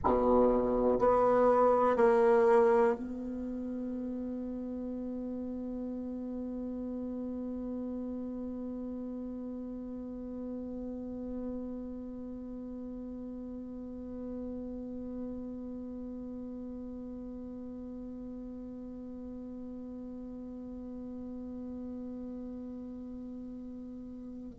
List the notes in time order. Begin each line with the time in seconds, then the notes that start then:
0.04 B2
0.98 B3
1.96 A#3
2.96 B3